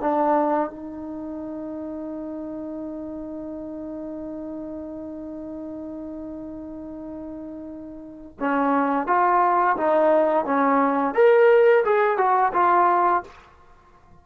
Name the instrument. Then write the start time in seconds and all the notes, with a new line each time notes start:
trombone
0.00 D4
0.69 D#4
8.39 C#4
9.06 F4
9.77 D#4
10.45 C#4
11.14 A#4
11.84 G#4
12.17 F#4
12.53 F4